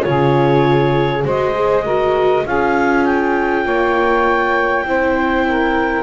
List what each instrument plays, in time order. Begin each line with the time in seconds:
0.00 double bass C#3, viola F4, saxophone G#4, clarinet C#5
1.23 double bass G#3, viola F#4, saxophone C5, clarinet D#5
1.54 viola G#4
1.83 viola F#4, saxophone A#4
2.45 double bass C#4, viola F4, saxophone G#4, clarinet F5
3.05 clarinet G5
3.64 double bass A#3, saxophone C#5
4.84 double bass C4, viola E4, saxophone C5
5.47 saxophone A#4